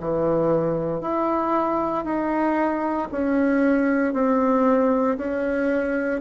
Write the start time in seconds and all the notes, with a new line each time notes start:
0.00 E3
1.01 E4
2.05 D#4
3.12 C#4
4.13 C4
5.17 C#4